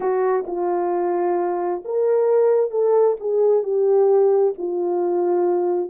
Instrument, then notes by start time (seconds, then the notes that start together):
horn
0.00 F#4
0.46 F4
1.84 A#4
2.70 A4
3.19 G#4
3.63 G4
4.57 F4